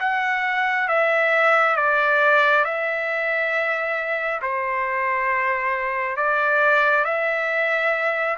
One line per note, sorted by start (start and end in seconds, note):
0.00 0.88 F#5
0.88 1.76 E5
1.76 2.64 D5
2.64 4.41 E5
4.42 6.17 C5
6.17 7.05 D5
7.05 8.37 E5